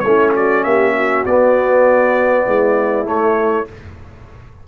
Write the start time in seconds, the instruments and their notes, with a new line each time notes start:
0.00 tuba A3, trumpet C#5
0.06 trombone C#4, horn E4
0.35 horn F#4, trumpet D5
0.64 tuba A#3, horn G4, trumpet E5
0.95 horn F#4
1.26 tuba B3, trombone B3, trumpet D5
2.47 tuba G#3, horn E4
3.05 trombone A3, tuba A3, trumpet C#5